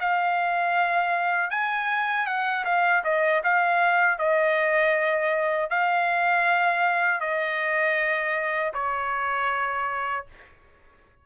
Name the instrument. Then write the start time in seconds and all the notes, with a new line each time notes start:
trumpet
0.00 F5
1.50 G#5
2.26 F#5
2.65 F5
3.04 D#5
3.43 F5
4.18 D#5
5.70 F5
7.20 D#5
8.73 C#5